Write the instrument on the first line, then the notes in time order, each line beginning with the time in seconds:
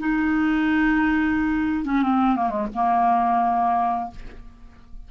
clarinet
0.00 D#4
1.85 C#4
2.02 C4
2.36 A#3
2.50 G#3
2.75 A#3